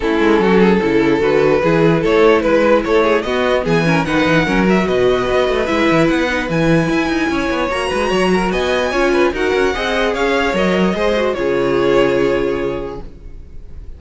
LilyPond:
<<
  \new Staff \with { instrumentName = "violin" } { \time 4/4 \tempo 4 = 148 a'2. b'4~ | b'4 cis''4 b'4 cis''4 | dis''4 gis''4 fis''4. e''8 | dis''2 e''4 fis''4 |
gis''2. ais''4~ | ais''4 gis''2 fis''4~ | fis''4 f''4 dis''2 | cis''1 | }
  \new Staff \with { instrumentName = "violin" } { \time 4/4 e'4 fis'8 gis'8 a'2 | gis'4 a'4 b'4 a'8 gis'8 | fis'4 gis'8 ais'8 b'4 ais'4 | b'1~ |
b'2 cis''4. b'8 | cis''8 ais'8 dis''4 cis''8 b'8 ais'4 | dis''4 cis''2 c''4 | gis'1 | }
  \new Staff \with { instrumentName = "viola" } { \time 4/4 cis'2 e'4 fis'4 | e'1 | b4. cis'8 dis'4 cis'8 fis'8~ | fis'2 e'4. dis'8 |
e'2. fis'4~ | fis'2 f'4 fis'4 | gis'2 ais'4 gis'8 fis'8 | f'1 | }
  \new Staff \with { instrumentName = "cello" } { \time 4/4 a8 gis8 fis4 cis4 d4 | e4 a4 gis4 a4 | b4 e4 dis8 e8 fis4 | b,4 b8 a8 gis8 e8 b4 |
e4 e'8 dis'8 cis'8 b8 ais8 gis8 | fis4 b4 cis'4 dis'8 cis'8 | c'4 cis'4 fis4 gis4 | cis1 | }
>>